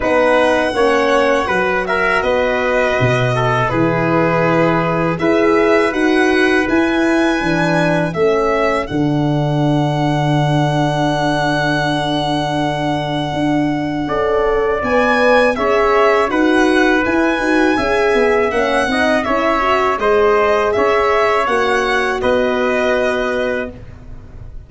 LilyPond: <<
  \new Staff \with { instrumentName = "violin" } { \time 4/4 \tempo 4 = 81 fis''2~ fis''8 e''8 dis''4~ | dis''4 b'2 e''4 | fis''4 gis''2 e''4 | fis''1~ |
fis''1 | gis''4 e''4 fis''4 gis''4~ | gis''4 fis''4 e''4 dis''4 | e''4 fis''4 dis''2 | }
  \new Staff \with { instrumentName = "trumpet" } { \time 4/4 b'4 cis''4 b'8 ais'8 b'4~ | b'8 a'8 gis'2 b'4~ | b'2. a'4~ | a'1~ |
a'2. d''4~ | d''4 cis''4 b'2 | e''4. dis''8 cis''4 c''4 | cis''2 b'2 | }
  \new Staff \with { instrumentName = "horn" } { \time 4/4 dis'4 cis'4 fis'2~ | fis'4 e'2 gis'4 | fis'4 e'4 d'4 cis'4 | d'1~ |
d'2. a'4 | b'4 gis'4 fis'4 e'8 fis'8 | gis'4 cis'8 dis'8 e'8 fis'8 gis'4~ | gis'4 fis'2. | }
  \new Staff \with { instrumentName = "tuba" } { \time 4/4 b4 ais4 fis4 b4 | b,4 e2 e'4 | dis'4 e'4 e4 a4 | d1~ |
d2 d'4 cis'4 | b4 cis'4 dis'4 e'8 dis'8 | cis'8 b8 ais8 c'8 cis'4 gis4 | cis'4 ais4 b2 | }
>>